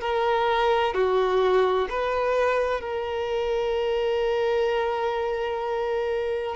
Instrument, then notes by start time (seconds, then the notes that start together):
violin
0.00 A#4
0.94 F#4
1.89 B4
2.80 A#4